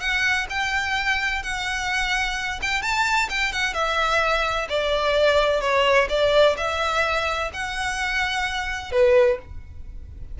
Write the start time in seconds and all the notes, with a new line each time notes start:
0.00 F#5
0.50 G5
1.43 F#5
2.62 G5
2.82 A5
3.29 G5
3.53 F#5
3.74 E5
4.69 D5
5.61 C#5
6.09 D5
6.57 E5
7.53 F#5
8.92 B4